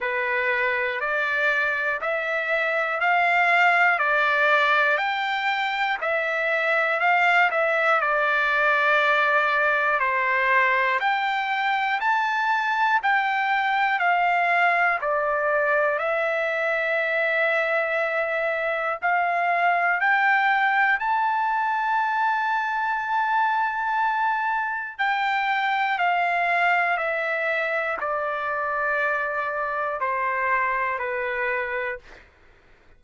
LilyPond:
\new Staff \with { instrumentName = "trumpet" } { \time 4/4 \tempo 4 = 60 b'4 d''4 e''4 f''4 | d''4 g''4 e''4 f''8 e''8 | d''2 c''4 g''4 | a''4 g''4 f''4 d''4 |
e''2. f''4 | g''4 a''2.~ | a''4 g''4 f''4 e''4 | d''2 c''4 b'4 | }